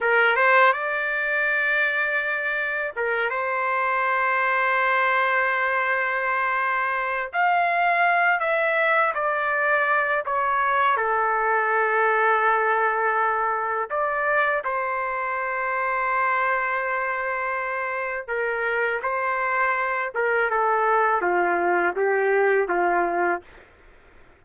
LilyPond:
\new Staff \with { instrumentName = "trumpet" } { \time 4/4 \tempo 4 = 82 ais'8 c''8 d''2. | ais'8 c''2.~ c''8~ | c''2 f''4. e''8~ | e''8 d''4. cis''4 a'4~ |
a'2. d''4 | c''1~ | c''4 ais'4 c''4. ais'8 | a'4 f'4 g'4 f'4 | }